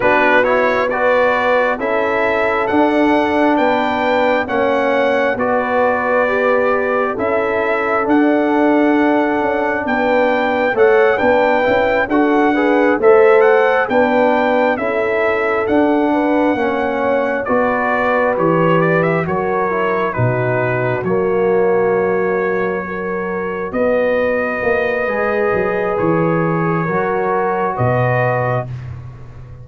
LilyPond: <<
  \new Staff \with { instrumentName = "trumpet" } { \time 4/4 \tempo 4 = 67 b'8 cis''8 d''4 e''4 fis''4 | g''4 fis''4 d''2 | e''4 fis''2 g''4 | fis''8 g''4 fis''4 e''8 fis''8 g''8~ |
g''8 e''4 fis''2 d''8~ | d''8 cis''8 d''16 e''16 cis''4 b'4 cis''8~ | cis''2~ cis''8 dis''4.~ | dis''4 cis''2 dis''4 | }
  \new Staff \with { instrumentName = "horn" } { \time 4/4 fis'4 b'4 a'2 | b'4 cis''4 b'2 | a'2. b'4 | cis''8 b'4 a'8 b'8 c''4 b'8~ |
b'8 a'4. b'8 cis''4 b'8~ | b'4. ais'4 fis'4.~ | fis'4. ais'4 b'4.~ | b'2 ais'4 b'4 | }
  \new Staff \with { instrumentName = "trombone" } { \time 4/4 d'8 e'8 fis'4 e'4 d'4~ | d'4 cis'4 fis'4 g'4 | e'4 d'2. | a'8 d'8 e'8 fis'8 gis'8 a'4 d'8~ |
d'8 e'4 d'4 cis'4 fis'8~ | fis'8 g'4 fis'8 e'8 dis'4 ais8~ | ais4. fis'2~ fis'8 | gis'2 fis'2 | }
  \new Staff \with { instrumentName = "tuba" } { \time 4/4 b2 cis'4 d'4 | b4 ais4 b2 | cis'4 d'4. cis'8 b4 | a8 b8 cis'8 d'4 a4 b8~ |
b8 cis'4 d'4 ais4 b8~ | b8 e4 fis4 b,4 fis8~ | fis2~ fis8 b4 ais8 | gis8 fis8 e4 fis4 b,4 | }
>>